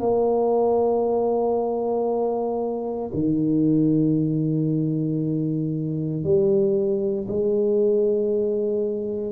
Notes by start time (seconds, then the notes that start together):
0.00 A#3
3.14 D#3
6.24 G3
7.29 G#3